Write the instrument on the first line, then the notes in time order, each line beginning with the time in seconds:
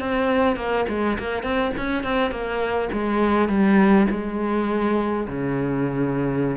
cello
0.00 C4
0.56 A#3
0.89 G#3
1.19 A#3
1.43 C4
1.78 C#4
2.03 C4
2.31 A#3
2.93 G#3
3.49 G3
4.11 G#3
5.28 C#3